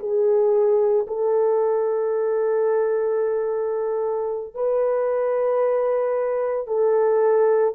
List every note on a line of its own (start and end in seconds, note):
0.00 1.07 G#4
1.08 4.55 A4
4.55 6.68 B4
6.68 7.75 A4